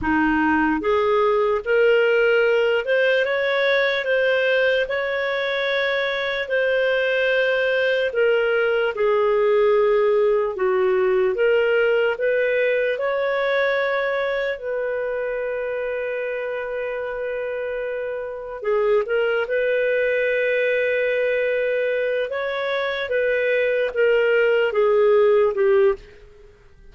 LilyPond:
\new Staff \with { instrumentName = "clarinet" } { \time 4/4 \tempo 4 = 74 dis'4 gis'4 ais'4. c''8 | cis''4 c''4 cis''2 | c''2 ais'4 gis'4~ | gis'4 fis'4 ais'4 b'4 |
cis''2 b'2~ | b'2. gis'8 ais'8 | b'2.~ b'8 cis''8~ | cis''8 b'4 ais'4 gis'4 g'8 | }